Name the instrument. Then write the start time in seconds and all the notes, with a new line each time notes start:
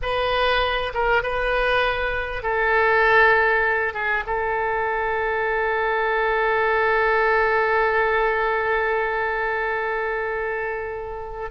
oboe
0.02 B4
0.93 A#4
1.22 B4
2.42 A4
3.93 G#4
4.26 A4